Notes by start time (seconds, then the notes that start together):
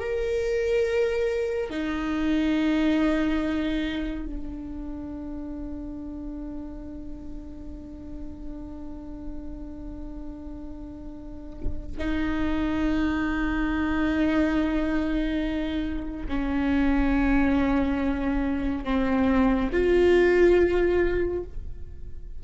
0.00 A#4
1.70 D#4
4.26 D4
11.98 D#4
16.29 C#4
18.85 C4
19.73 F4